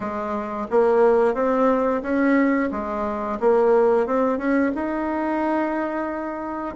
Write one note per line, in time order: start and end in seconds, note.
0.00 0.67 G#3
0.70 1.34 A#3
1.34 2.01 C4
2.02 2.69 C#4
2.71 3.38 G#3
3.40 4.06 A#3
4.06 4.38 C4
4.38 4.71 C#4
4.74 6.75 D#4